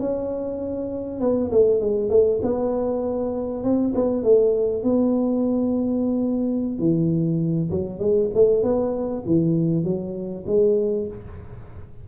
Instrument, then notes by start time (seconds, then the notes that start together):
tuba
0.00 C#4
1.21 B3
1.52 A3
1.80 G#3
2.10 A3
2.43 B3
3.64 C4
3.95 B3
4.24 A3
4.83 B3
6.79 E3
7.71 F#3
8.00 G#3
8.35 A3
8.63 B3
9.26 E3
9.84 F#3
10.47 G#3